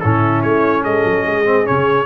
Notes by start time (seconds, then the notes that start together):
0.00 A2 C#4 E4 A4
0.42 A3 C#5
0.83 G#3 A4 D#5
1.04 F#3
1.26 G#3 G#4
1.45 C4
1.64 C#3 C#4 C#5